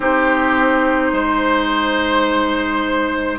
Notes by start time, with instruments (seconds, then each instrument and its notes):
0.00 bassoon C4, clarinet D#4, oboe G4, flute C5
1.12 bassoon G#3, oboe C5